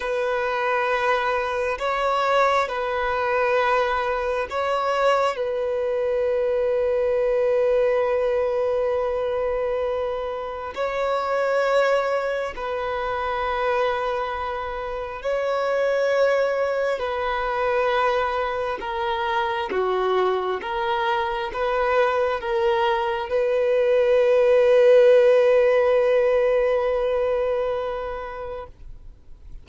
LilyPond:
\new Staff \with { instrumentName = "violin" } { \time 4/4 \tempo 4 = 67 b'2 cis''4 b'4~ | b'4 cis''4 b'2~ | b'1 | cis''2 b'2~ |
b'4 cis''2 b'4~ | b'4 ais'4 fis'4 ais'4 | b'4 ais'4 b'2~ | b'1 | }